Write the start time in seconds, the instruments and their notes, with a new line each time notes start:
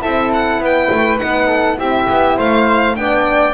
0.00 double bass C4, horn E4, flute A4, violin E5
0.33 violin F#5
0.59 double bass B3, flute B4, violin G5
0.92 double bass A3
1.18 double bass B3, horn D#4, violin F#5
1.47 flute A4
1.77 double bass C4, horn E4, flute G4, violin E5
2.09 double bass B3
2.37 double bass A3, flute C5, violin F5
2.95 double bass B3, horn D4, flute D5, violin G5